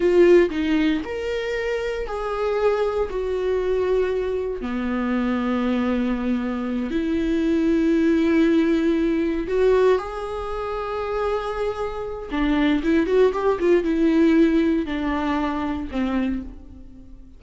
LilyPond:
\new Staff \with { instrumentName = "viola" } { \time 4/4 \tempo 4 = 117 f'4 dis'4 ais'2 | gis'2 fis'2~ | fis'4 b2.~ | b4. e'2~ e'8~ |
e'2~ e'8 fis'4 gis'8~ | gis'1 | d'4 e'8 fis'8 g'8 f'8 e'4~ | e'4 d'2 c'4 | }